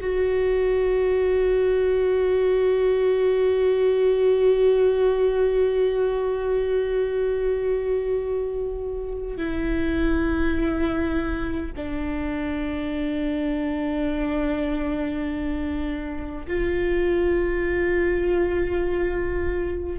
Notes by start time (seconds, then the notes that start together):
0.00 F#4
9.37 E4
11.76 D4
16.47 F4